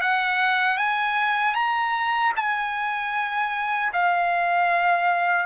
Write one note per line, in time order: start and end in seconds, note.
0.00 0.77 F#5
0.77 1.54 G#5
1.54 2.32 A#5
2.36 3.92 G#5
3.92 5.46 F5